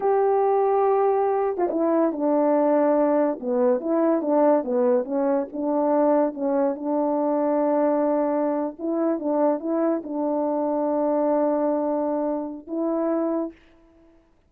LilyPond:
\new Staff \with { instrumentName = "horn" } { \time 4/4 \tempo 4 = 142 g'2.~ g'8. f'16 | e'4 d'2. | b4 e'4 d'4 b4 | cis'4 d'2 cis'4 |
d'1~ | d'8. e'4 d'4 e'4 d'16~ | d'1~ | d'2 e'2 | }